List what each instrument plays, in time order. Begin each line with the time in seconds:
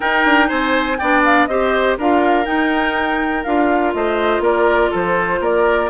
0.00 clarinet D#4, bassoon D#4, oboe A#4, flute G5
0.25 bassoon D4
0.48 bassoon C4, oboe C5, flute G#5
0.97 bassoon B3, clarinet D4, oboe D5, flute G5
1.24 flute F5
1.46 bassoon C4, clarinet G4, oboe C5, flute D#5
1.98 bassoon D4, clarinet F4, oboe A#4, flute F5
2.45 clarinet D#4, bassoon D#4, flute G5
3.43 bassoon D4, clarinet F4, flute F5
3.93 bassoon A3, oboe C5, flute D#5
4.39 bassoon A#3, oboe A#4, flute D5
4.91 bassoon F3, oboe A4, flute C5
5.39 bassoon A#3, oboe A#4, flute D5